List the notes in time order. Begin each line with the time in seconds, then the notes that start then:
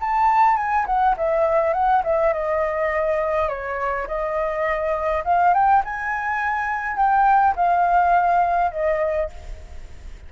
0.00 A5
0.56 G#5
0.86 F#5
1.17 E5
1.73 F#5
2.04 E5
2.33 D#5
3.48 C#5
4.07 D#5
5.24 F5
5.54 G5
5.84 G#5
6.96 G5
7.55 F5
8.71 D#5